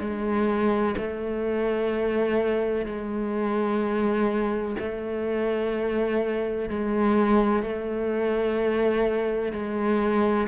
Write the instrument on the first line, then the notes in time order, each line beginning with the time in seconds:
cello
0.00 G#3
0.98 A3
2.86 G#3
4.79 A3
6.69 G#3
7.63 A3
9.52 G#3